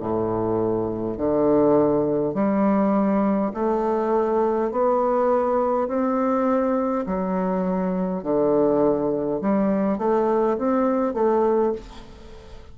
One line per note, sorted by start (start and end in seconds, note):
0.00 1.18 A2
1.18 2.35 D3
2.35 3.52 G3
3.54 4.72 A3
4.72 5.88 B3
5.88 7.06 C4
7.06 8.24 F#3
8.24 9.41 D3
9.41 9.98 G3
9.98 10.57 A3
10.58 11.14 C4
11.14 11.73 A3